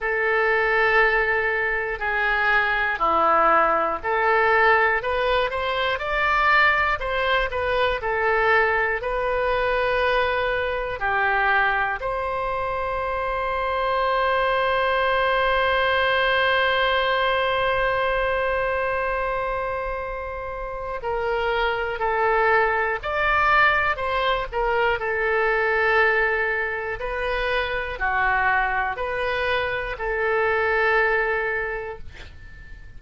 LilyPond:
\new Staff \with { instrumentName = "oboe" } { \time 4/4 \tempo 4 = 60 a'2 gis'4 e'4 | a'4 b'8 c''8 d''4 c''8 b'8 | a'4 b'2 g'4 | c''1~ |
c''1~ | c''4 ais'4 a'4 d''4 | c''8 ais'8 a'2 b'4 | fis'4 b'4 a'2 | }